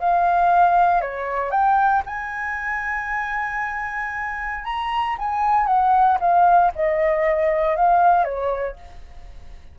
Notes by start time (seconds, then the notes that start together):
0.00 F5
1.02 C#5
1.51 G5
2.06 G#5
4.65 A#5
5.19 G#5
5.67 F#5
6.20 F5
6.76 D#5
7.76 F5
8.25 C#5